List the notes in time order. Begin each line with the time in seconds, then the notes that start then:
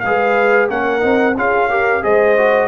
0.00 G#3 G#4 B4 F5
0.69 A#3 C#4 A#4 F#5
1.00 C4 D#4
1.37 C#4 F4 G#4 F5
1.69 G4 A#4
2.02 G#3 G#4 C5 D#5
2.37 F#4